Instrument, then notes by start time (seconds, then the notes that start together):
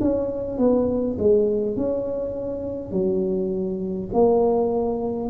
tuba
0.00 C#4
0.57 B3
1.18 G#3
1.76 C#4
2.91 F#3
4.13 A#3